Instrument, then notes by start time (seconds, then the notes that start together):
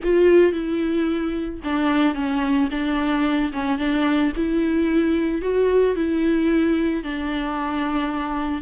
viola
0.03 F4
0.52 E4
1.63 D4
2.14 C#4
2.70 D4
3.52 C#4
3.78 D4
4.36 E4
5.41 F#4
5.95 E4
7.03 D4